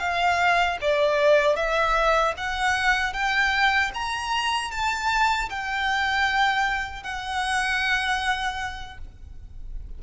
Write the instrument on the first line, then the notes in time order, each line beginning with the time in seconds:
violin
0.00 F5
0.81 D5
1.56 E5
2.37 F#5
3.13 G5
3.94 A#5
4.71 A5
5.49 G5
7.03 F#5